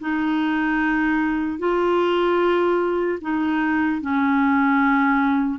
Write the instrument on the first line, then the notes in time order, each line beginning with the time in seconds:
clarinet
0.00 D#4
1.59 F4
3.21 D#4
4.01 C#4